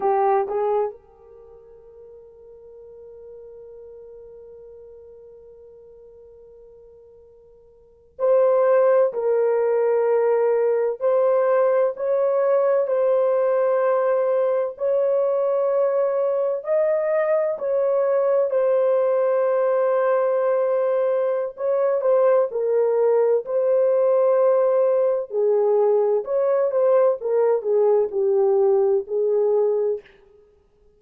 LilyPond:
\new Staff \with { instrumentName = "horn" } { \time 4/4 \tempo 4 = 64 g'8 gis'8 ais'2.~ | ais'1~ | ais'8. c''4 ais'2 c''16~ | c''8. cis''4 c''2 cis''16~ |
cis''4.~ cis''16 dis''4 cis''4 c''16~ | c''2. cis''8 c''8 | ais'4 c''2 gis'4 | cis''8 c''8 ais'8 gis'8 g'4 gis'4 | }